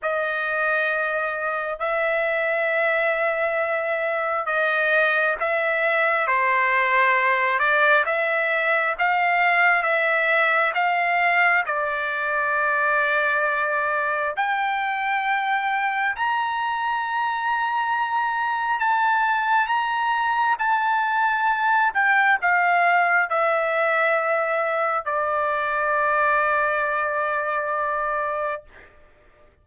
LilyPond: \new Staff \with { instrumentName = "trumpet" } { \time 4/4 \tempo 4 = 67 dis''2 e''2~ | e''4 dis''4 e''4 c''4~ | c''8 d''8 e''4 f''4 e''4 | f''4 d''2. |
g''2 ais''2~ | ais''4 a''4 ais''4 a''4~ | a''8 g''8 f''4 e''2 | d''1 | }